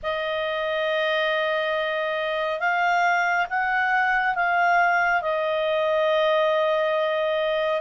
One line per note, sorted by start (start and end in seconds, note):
0.02 2.59 D#5
2.59 3.46 F5
3.49 4.35 F#5
4.35 5.21 F5
5.21 7.81 D#5